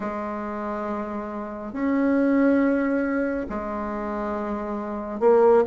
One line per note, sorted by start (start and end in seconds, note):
0.00 1.72 G#3
1.72 3.46 C#4
3.49 5.20 G#3
5.20 5.63 A#3